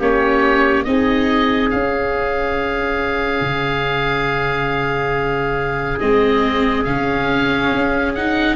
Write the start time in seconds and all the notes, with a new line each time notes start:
0.00 A#3 C#4 G4 C#5
0.84 C4 D#4 G#4 D#5
1.71 C#4 F5
3.41 C#3
6.00 G#3 C4 D#5
6.84 C#3 C#4 F5
7.72 C#4
8.15 D#4 F#5